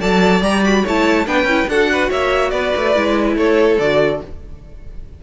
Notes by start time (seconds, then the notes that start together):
0.00 F#3 A4 D5 A5
0.41 G3 G4 A#5
0.64 F#4 B5
0.83 A3 E4 C#5 A5
1.26 B3 D4 B4 G5
1.44 C#4 E4
1.68 D4 F#4 A4 F#5
1.92 B4
2.10 A#3 C#5 E5
2.50 B3 B4 D5
2.77 A3
2.95 G#3 E4
3.36 A3 A4 C#5
3.79 D3 F#4 D5